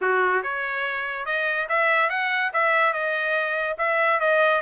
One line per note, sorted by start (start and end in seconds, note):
0.01 0.42 F#4
0.42 1.25 C#5
1.25 1.67 D#5
1.68 2.09 E5
2.09 2.51 F#5
2.53 2.93 E5
2.93 3.76 D#5
3.78 4.20 E5
4.20 4.61 D#5